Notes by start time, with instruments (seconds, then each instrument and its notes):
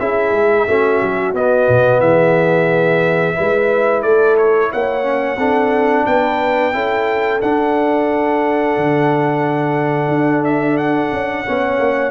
0.00 tuba C#4, trombone E4, horn G#4, trumpet E5
0.31 tuba G#3
0.67 tuba A3, trombone C#4, horn F#4
1.03 tuba F#3
1.34 tuba B3, trombone B3, trumpet D#5
1.69 tuba B2
2.00 tuba E3, horn G#4, trumpet E5
3.35 tuba G#3, trombone E4, horn B4
4.03 tuba A3, horn A4, trumpet D5
4.38 trumpet C#5
4.72 tuba A#3, horn C#5, trumpet F#5
5.03 trombone C#4
5.37 tuba C4, trombone D4, horn A4
6.06 tuba B3, horn B4, trumpet G5
6.73 tuba C#4, trombone E4, horn A4
7.42 trombone D4, tuba D4, trumpet F#5
8.77 tuba D3
10.09 tuba D4
10.45 trumpet E5
10.78 trumpet F#5
11.12 tuba C#4
11.46 tuba B3, trombone C#4, horn C#5
11.79 tuba A#3